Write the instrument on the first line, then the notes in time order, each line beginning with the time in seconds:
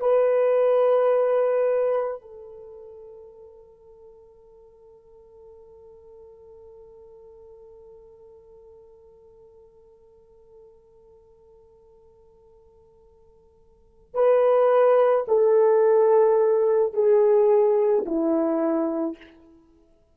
horn
0.00 B4
2.22 A4
14.14 B4
15.28 A4
16.93 G#4
18.06 E4